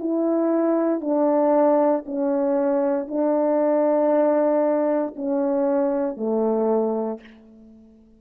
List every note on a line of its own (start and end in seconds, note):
0.00 1.01 E4
1.01 2.05 D4
2.06 3.08 C#4
3.08 5.15 D4
5.16 6.17 C#4
6.17 7.20 A3